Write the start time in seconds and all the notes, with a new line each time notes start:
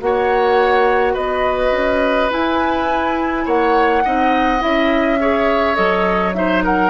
0.00 A#3 F#4 C#5 F#5
1.13 B3 B4 D#5
1.71 C#4
2.30 E4 G#5
3.45 A#3 C#5 F#5
4.04 C4 D#4 D#5
4.59 C#4 E4 E5
5.19 G#4 C#5
5.74 F#3 A4 D#5
6.33 D#4 C5 E5
6.63 A#4 F#5